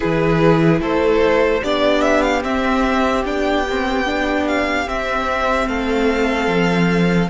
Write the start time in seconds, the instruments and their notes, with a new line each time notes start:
0.00 cello E3, viola E4, violin G#4 B4
0.80 cello A3, violin A4 C5
1.63 cello B3, viola D4, violin G4 D5
2.01 violin E5
2.21 violin F5
2.42 viola C4, cello C4, violin E5
3.24 cello B3, viola D4, violin G5
3.69 viola C4
4.05 viola D4
4.47 violin F5
4.86 viola C4, cello C4, violin E5
5.66 cello A3, violin A4 F5
6.47 cello F3